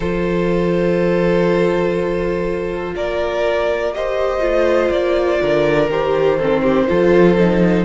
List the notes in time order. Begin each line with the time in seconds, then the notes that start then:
0.00 F3 F4 A4 C5
2.93 A#3 A#4 D5
3.93 G4 C5 D#5
4.40 A3 F4
4.90 A#3 D5
5.41 D3 A#4
5.89 D#3 G4 C5
6.37 C4 A4
6.62 G4
6.88 F3 F4 A4
7.38 D#4